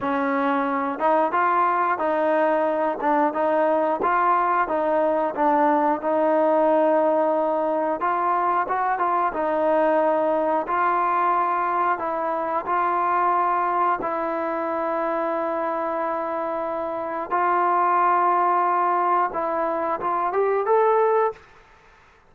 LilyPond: \new Staff \with { instrumentName = "trombone" } { \time 4/4 \tempo 4 = 90 cis'4. dis'8 f'4 dis'4~ | dis'8 d'8 dis'4 f'4 dis'4 | d'4 dis'2. | f'4 fis'8 f'8 dis'2 |
f'2 e'4 f'4~ | f'4 e'2.~ | e'2 f'2~ | f'4 e'4 f'8 g'8 a'4 | }